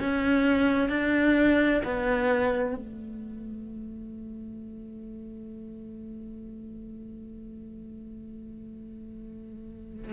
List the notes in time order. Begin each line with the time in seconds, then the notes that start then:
0.00 C#4
0.89 D4
1.85 B3
2.76 A3